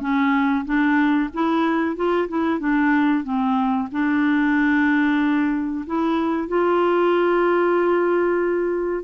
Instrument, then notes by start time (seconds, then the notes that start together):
clarinet
0.00 C#4
0.65 D4
1.34 E4
1.96 F4
2.28 E4
2.60 D4
3.24 C4
3.91 D4
5.87 E4
6.48 F4